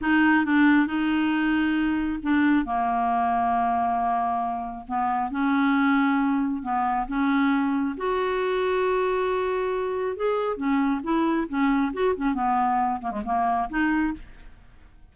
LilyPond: \new Staff \with { instrumentName = "clarinet" } { \time 4/4 \tempo 4 = 136 dis'4 d'4 dis'2~ | dis'4 d'4 ais2~ | ais2. b4 | cis'2. b4 |
cis'2 fis'2~ | fis'2. gis'4 | cis'4 e'4 cis'4 fis'8 cis'8 | b4. ais16 gis16 ais4 dis'4 | }